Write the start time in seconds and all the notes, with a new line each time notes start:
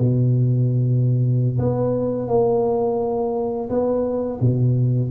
0.00 B2
1.59 B3
2.28 A#3
3.70 B3
4.41 B2